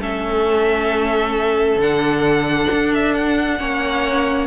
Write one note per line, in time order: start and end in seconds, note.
0.00 1.77 A3
0.00 1.81 C#4
0.00 3.59 A4
0.00 1.81 E5
1.77 2.66 D3
1.77 3.59 D4
1.77 2.93 F#5
2.72 3.60 D4
2.94 3.15 E5
3.15 4.48 F#5
3.59 4.48 A#3
3.59 4.48 C#4
3.59 4.48 C#5